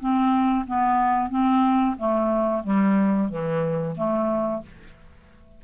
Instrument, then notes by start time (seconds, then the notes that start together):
clarinet
0.00 C4
0.67 B3
1.30 C4
1.98 A3
2.63 G3
3.29 E3
3.97 A3